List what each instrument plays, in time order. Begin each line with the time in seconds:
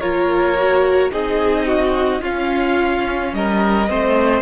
0.00 cello A#3, viola F4, violin A#4 C#5
0.58 viola F#4
1.11 cello C4, viola D#4, violin G#4 D#5
1.67 violin F#4
2.21 cello C#4, viola C#4, violin F4 F5
3.32 cello G3, violin A#4 D#5
3.88 cello A3, viola C4, violin C5